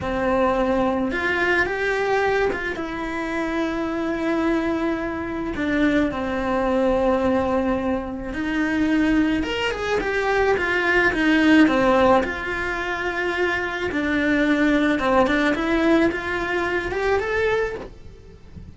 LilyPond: \new Staff \with { instrumentName = "cello" } { \time 4/4 \tempo 4 = 108 c'2 f'4 g'4~ | g'8 f'8 e'2.~ | e'2 d'4 c'4~ | c'2. dis'4~ |
dis'4 ais'8 gis'8 g'4 f'4 | dis'4 c'4 f'2~ | f'4 d'2 c'8 d'8 | e'4 f'4. g'8 a'4 | }